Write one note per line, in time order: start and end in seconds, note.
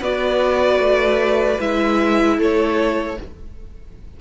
0.00 0.79 B3
0.00 1.59 F#4
0.00 2.37 B4
0.00 1.60 D5
0.79 1.58 A3
1.59 2.38 G#3
1.59 3.17 E4
1.59 2.39 E5
2.37 3.17 A3
2.37 3.16 A4
2.37 3.20 C#5